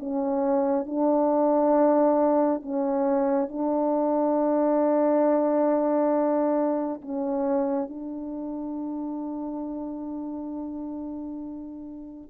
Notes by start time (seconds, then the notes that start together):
0.00 C#4
0.86 D4
2.62 C#4
3.49 D4
7.02 C#4
7.90 D4